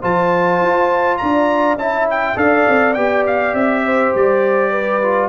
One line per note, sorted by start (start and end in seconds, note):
0.00 0.61 F3
0.00 1.78 F4
0.00 1.18 C5
0.00 1.17 A5
0.61 1.20 F4
1.17 1.75 D4
1.17 1.79 D5
1.17 1.76 A#5
1.75 2.33 C#4
1.75 2.35 E4
1.75 2.37 E5
1.75 2.07 A5
2.10 2.37 G5
2.35 2.65 D4
2.35 2.94 A4
2.35 3.84 D5
2.35 2.94 F5
2.68 2.96 C4
2.94 3.53 B3
2.94 5.02 G4
2.94 3.23 G5
3.26 3.54 F5
3.53 4.12 C4
3.53 4.13 E5
3.84 4.70 C5
4.15 5.28 G3
4.15 5.28 D5
4.70 5.28 B4
5.02 5.28 F4